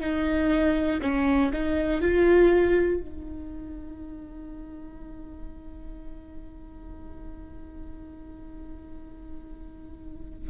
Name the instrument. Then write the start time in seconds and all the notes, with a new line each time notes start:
viola
0.00 D#4
1.01 C#4
1.52 D#4
2.01 F4
3.01 D#4